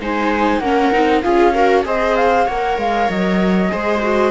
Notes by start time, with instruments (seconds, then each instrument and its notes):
0.00 cello G#3, viola D#4 C5, flute G#5
0.59 cello A#3, viola C#4 A#4, flute F#5
0.92 cello C4, viola D#4
1.22 cello C#4, viola F4 G#4, flute F5
1.53 viola F#4 A#4
1.84 cello C4, viola G#4 C5, flute D#5
2.16 flute F5
2.46 cello A#3, viola A#4 C#5, flute F#5
2.77 cello G#3, flute F5
3.09 cello F#3, flute D#5
3.69 cello G#3, viola G#4 C5
4.02 viola F#4